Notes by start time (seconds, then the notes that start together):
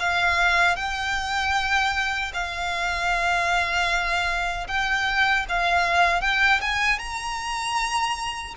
0.00 F5
0.76 G5
2.34 F5
4.68 G5
5.49 F5
6.21 G5
6.61 G#5
6.99 A#5